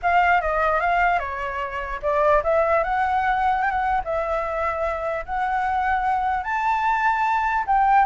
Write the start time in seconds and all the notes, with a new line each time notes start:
0.02 F5
0.41 D#5
0.80 F5
1.19 C#5
2.02 D5
2.43 E5
2.83 F#5
3.62 G5
3.70 F#5
4.04 E5
5.25 F#5
6.43 A5
7.66 G5